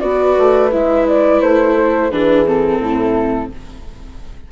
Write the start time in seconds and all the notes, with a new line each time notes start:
0.00 B3 F#4 B4 D5
0.38 A3
0.72 G#3 E4 E5
1.08 D5
1.42 A3 C5
1.75 A4
2.11 E3 D4 G#4 B4
2.46 C4 A4
2.80 A2 E4